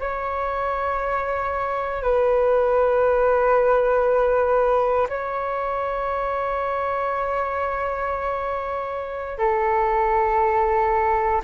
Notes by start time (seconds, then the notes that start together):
0.00 C#5
2.02 B4
5.09 C#5
9.38 A4